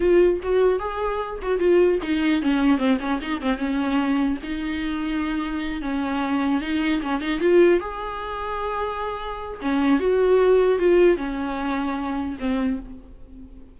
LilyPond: \new Staff \with { instrumentName = "viola" } { \time 4/4 \tempo 4 = 150 f'4 fis'4 gis'4. fis'8 | f'4 dis'4 cis'4 c'8 cis'8 | dis'8 c'8 cis'2 dis'4~ | dis'2~ dis'8 cis'4.~ |
cis'8 dis'4 cis'8 dis'8 f'4 gis'8~ | gis'1 | cis'4 fis'2 f'4 | cis'2. c'4 | }